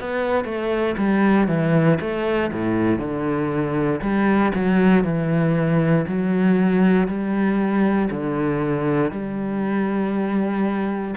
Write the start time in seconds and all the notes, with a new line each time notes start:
0.00 B3
0.44 A3
0.97 G3
1.47 E3
2.00 A3
2.52 A2
2.98 D3
4.01 G3
4.54 F#3
5.03 E3
6.07 F#3
7.07 G3
8.10 D3
9.11 G3